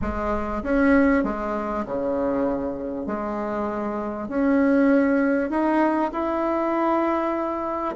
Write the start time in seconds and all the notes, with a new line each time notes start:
0.01 G#3
0.63 C#4
1.23 G#3
1.85 C#3
3.06 G#3
4.28 C#4
5.49 D#4
6.12 E4